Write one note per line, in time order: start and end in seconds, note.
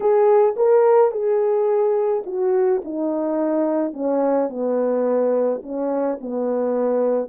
0.00 0.55 G#4
0.56 1.11 A#4
1.11 2.23 G#4
2.26 2.82 F#4
2.84 3.93 D#4
3.93 4.49 C#4
4.49 5.61 B3
5.62 6.18 C#4
6.20 7.28 B3